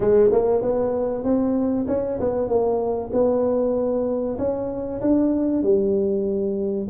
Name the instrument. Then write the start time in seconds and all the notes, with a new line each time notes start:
tuba
0.00 G#3
0.32 A#3
0.62 B3
1.23 C4
1.88 C#4
2.19 B3
2.48 A#3
3.12 B3
4.38 C#4
5.01 D4
5.62 G3